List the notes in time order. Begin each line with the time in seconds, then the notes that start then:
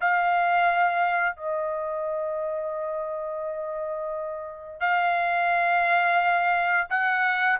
0.00 F5
1.36 D#5
4.80 F5
6.90 F#5